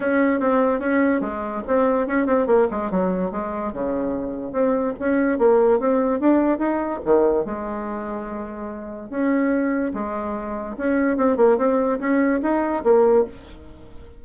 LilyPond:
\new Staff \with { instrumentName = "bassoon" } { \time 4/4 \tempo 4 = 145 cis'4 c'4 cis'4 gis4 | c'4 cis'8 c'8 ais8 gis8 fis4 | gis4 cis2 c'4 | cis'4 ais4 c'4 d'4 |
dis'4 dis4 gis2~ | gis2 cis'2 | gis2 cis'4 c'8 ais8 | c'4 cis'4 dis'4 ais4 | }